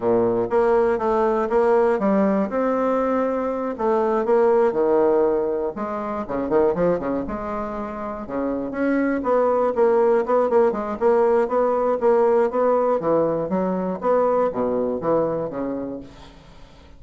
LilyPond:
\new Staff \with { instrumentName = "bassoon" } { \time 4/4 \tempo 4 = 120 ais,4 ais4 a4 ais4 | g4 c'2~ c'8 a8~ | a8 ais4 dis2 gis8~ | gis8 cis8 dis8 f8 cis8 gis4.~ |
gis8 cis4 cis'4 b4 ais8~ | ais8 b8 ais8 gis8 ais4 b4 | ais4 b4 e4 fis4 | b4 b,4 e4 cis4 | }